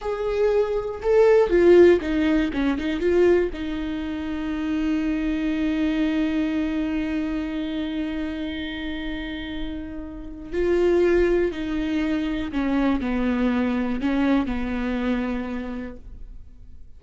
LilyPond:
\new Staff \with { instrumentName = "viola" } { \time 4/4 \tempo 4 = 120 gis'2 a'4 f'4 | dis'4 cis'8 dis'8 f'4 dis'4~ | dis'1~ | dis'1~ |
dis'1~ | dis'4 f'2 dis'4~ | dis'4 cis'4 b2 | cis'4 b2. | }